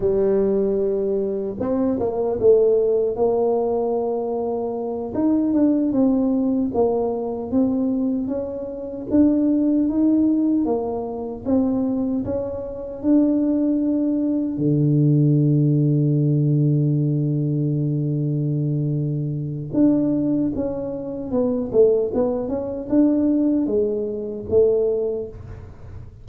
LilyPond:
\new Staff \with { instrumentName = "tuba" } { \time 4/4 \tempo 4 = 76 g2 c'8 ais8 a4 | ais2~ ais8 dis'8 d'8 c'8~ | c'8 ais4 c'4 cis'4 d'8~ | d'8 dis'4 ais4 c'4 cis'8~ |
cis'8 d'2 d4.~ | d1~ | d4 d'4 cis'4 b8 a8 | b8 cis'8 d'4 gis4 a4 | }